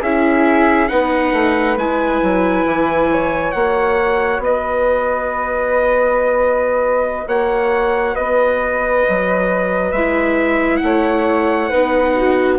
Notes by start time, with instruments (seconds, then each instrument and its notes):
0.00 bassoon C#4, viola E4, flute G#4, trumpet E5
0.88 bassoon B3, viola D#4, flute B4, trumpet F#5
1.32 bassoon A3
1.77 bassoon G#3, viola E4, trumpet G#5
2.22 bassoon F#3
2.65 bassoon E3
3.11 flute C#5
3.52 bassoon A#3, viola F#4, trumpet F#5
4.39 bassoon B3, flute B4, trumpet D#5
7.27 bassoon A#3, flute C#5, trumpet F#5
8.14 bassoon B3, flute B4, trumpet D#5
9.09 bassoon F#3
9.92 bassoon G#3, viola E4, trumpet E5
10.77 bassoon A3, trumpet F#5
10.84 flute C#5
11.69 bassoon B3, viola D#4, flute B4
12.15 flute F#4